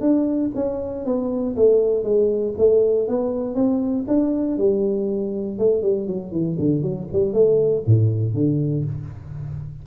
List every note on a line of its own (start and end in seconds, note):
0.00 0.50 D4
0.55 1.05 C#4
1.05 1.55 B3
1.56 2.03 A3
2.03 2.54 G#3
2.57 3.08 A3
3.08 3.55 B3
3.55 4.05 C4
4.07 4.57 D4
4.57 5.58 G3
5.58 5.82 A3
5.82 6.07 G3
6.07 6.31 F#3
6.31 6.57 E3
6.59 6.82 D3
6.82 7.07 F#3
7.12 7.33 G3
7.33 7.83 A3
7.86 8.34 A2
8.34 8.84 D3